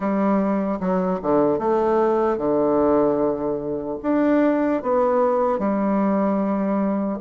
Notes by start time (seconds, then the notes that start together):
0.00 G3
0.80 F#3
1.22 D3
1.59 A3
2.37 D3
4.02 D4
4.82 B3
5.59 G3